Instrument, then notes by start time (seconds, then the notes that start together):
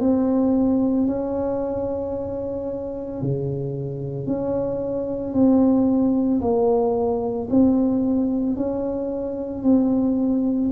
tuba
0.00 C4
1.07 C#4
3.21 C#3
4.26 C#4
5.33 C4
6.41 A#3
7.50 C4
8.56 C#4
9.63 C4